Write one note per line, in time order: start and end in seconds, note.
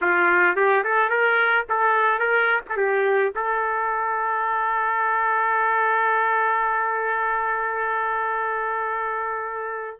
0.01 0.56 F4
0.56 0.83 G4
0.84 1.09 A4
1.09 1.65 A#4
1.69 2.19 A4
2.19 2.60 A#4
2.69 2.77 A4
2.77 3.32 G4
3.35 9.99 A4